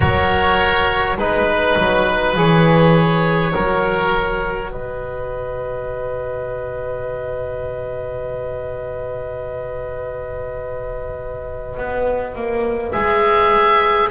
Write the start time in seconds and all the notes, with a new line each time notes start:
0.00 F#3 F#4 A#4 C#5
1.16 G#3 D#4 B4
1.77 F#3
2.36 E3 G#4 C#5
3.51 F#3 F#4 A#4
4.70 B2 B4 D#5
11.77 B3
12.35 A#3
12.92 G#3 G#4 E5